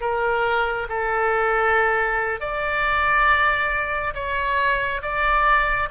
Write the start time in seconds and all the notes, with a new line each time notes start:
0.00 A#4
0.89 A4
2.40 D5
4.14 C#5
5.02 D5